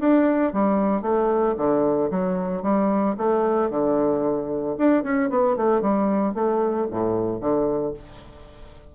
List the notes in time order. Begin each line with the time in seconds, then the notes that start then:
0.00 D4
0.53 G3
1.02 A3
1.58 D3
2.11 F#3
2.63 G3
3.18 A3
3.71 D3
4.78 D4
5.03 C#4
5.30 B3
5.57 A3
5.82 G3
6.35 A3
6.91 A2
7.41 D3